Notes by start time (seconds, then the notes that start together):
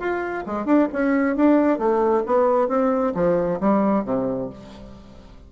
0.00 F4
0.47 G#3
0.66 D4
0.93 C#4
1.37 D4
1.79 A3
2.27 B3
2.69 C4
3.15 F3
3.61 G3
4.05 C3